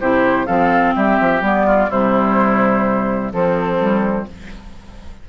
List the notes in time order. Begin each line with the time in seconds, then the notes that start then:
0.00 C3 E4 G4 C5
0.46 F3 C4 A4 F5
0.95 G3 G4 E5
1.20 F3
1.41 G3 B3 D5
1.66 F4
1.89 C3 G3 E4 C5
3.32 F3 C4 A4
3.79 G3